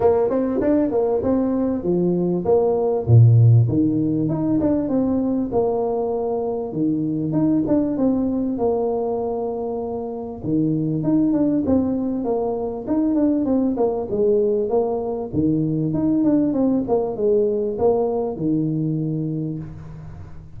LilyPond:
\new Staff \with { instrumentName = "tuba" } { \time 4/4 \tempo 4 = 98 ais8 c'8 d'8 ais8 c'4 f4 | ais4 ais,4 dis4 dis'8 d'8 | c'4 ais2 dis4 | dis'8 d'8 c'4 ais2~ |
ais4 dis4 dis'8 d'8 c'4 | ais4 dis'8 d'8 c'8 ais8 gis4 | ais4 dis4 dis'8 d'8 c'8 ais8 | gis4 ais4 dis2 | }